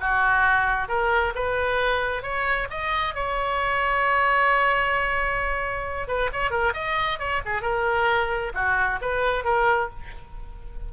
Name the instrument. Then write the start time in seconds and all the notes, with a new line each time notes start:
oboe
0.00 F#4
0.88 A#4
1.35 B4
2.22 C#5
2.70 D#5
3.14 C#5
6.07 B4
6.32 C#5
6.50 A#4
6.73 D#5
7.19 C#5
7.45 G#4
7.62 A#4
8.54 F#4
9.01 B4
9.44 A#4